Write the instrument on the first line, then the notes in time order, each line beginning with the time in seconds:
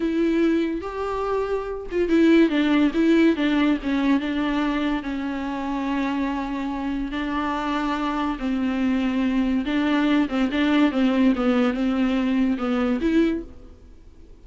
viola
0.00 E4
0.81 G4
1.91 F4
2.08 E4
2.49 D4
2.94 E4
3.36 D4
3.82 C#4
4.20 D4
5.02 C#4
7.11 D4
8.39 C4
9.65 D4
10.29 C4
10.51 D4
10.91 C4
11.35 B3
11.73 C4
12.58 B3
13.01 E4